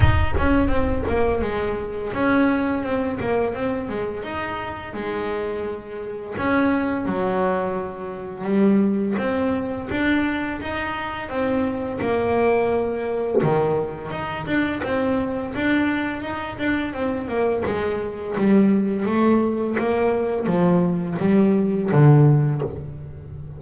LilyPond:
\new Staff \with { instrumentName = "double bass" } { \time 4/4 \tempo 4 = 85 dis'8 cis'8 c'8 ais8 gis4 cis'4 | c'8 ais8 c'8 gis8 dis'4 gis4~ | gis4 cis'4 fis2 | g4 c'4 d'4 dis'4 |
c'4 ais2 dis4 | dis'8 d'8 c'4 d'4 dis'8 d'8 | c'8 ais8 gis4 g4 a4 | ais4 f4 g4 d4 | }